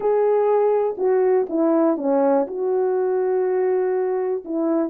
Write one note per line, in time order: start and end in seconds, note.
0.00 0.96 G#4
0.97 1.46 F#4
1.49 1.97 E4
1.97 2.46 C#4
2.47 4.44 F#4
4.44 4.89 E4